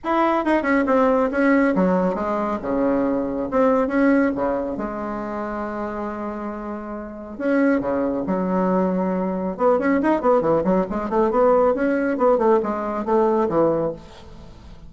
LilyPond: \new Staff \with { instrumentName = "bassoon" } { \time 4/4 \tempo 4 = 138 e'4 dis'8 cis'8 c'4 cis'4 | fis4 gis4 cis2 | c'4 cis'4 cis4 gis4~ | gis1~ |
gis4 cis'4 cis4 fis4~ | fis2 b8 cis'8 dis'8 b8 | e8 fis8 gis8 a8 b4 cis'4 | b8 a8 gis4 a4 e4 | }